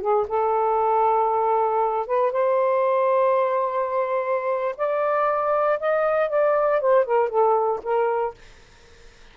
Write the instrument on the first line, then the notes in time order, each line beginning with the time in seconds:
saxophone
0.00 G#4
0.27 A4
2.06 B4
2.31 C5
4.76 D5
5.79 D#5
6.29 D5
6.80 C5
7.04 A#4
7.28 A4
7.83 A#4